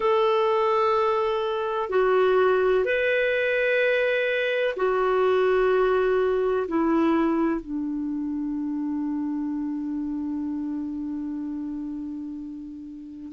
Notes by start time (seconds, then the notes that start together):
0.00 A4
1.89 F#4
2.84 B4
4.76 F#4
6.68 E4
7.61 D4